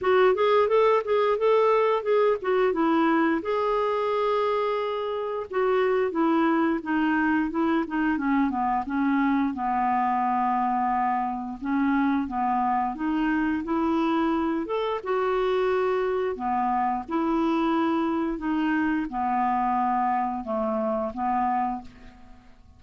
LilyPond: \new Staff \with { instrumentName = "clarinet" } { \time 4/4 \tempo 4 = 88 fis'8 gis'8 a'8 gis'8 a'4 gis'8 fis'8 | e'4 gis'2. | fis'4 e'4 dis'4 e'8 dis'8 | cis'8 b8 cis'4 b2~ |
b4 cis'4 b4 dis'4 | e'4. a'8 fis'2 | b4 e'2 dis'4 | b2 a4 b4 | }